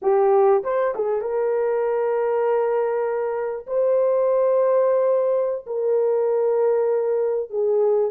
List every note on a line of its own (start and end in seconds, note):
0.02 0.63 G4
0.63 0.94 C5
0.95 1.21 G#4
1.21 3.66 A#4
3.66 5.65 C5
5.66 7.50 A#4
7.50 8.11 G#4